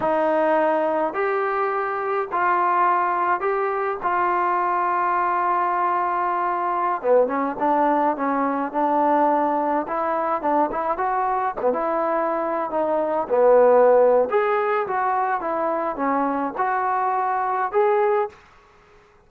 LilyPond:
\new Staff \with { instrumentName = "trombone" } { \time 4/4 \tempo 4 = 105 dis'2 g'2 | f'2 g'4 f'4~ | f'1~ | f'16 b8 cis'8 d'4 cis'4 d'8.~ |
d'4~ d'16 e'4 d'8 e'8 fis'8.~ | fis'16 b16 e'4.~ e'16 dis'4 b8.~ | b4 gis'4 fis'4 e'4 | cis'4 fis'2 gis'4 | }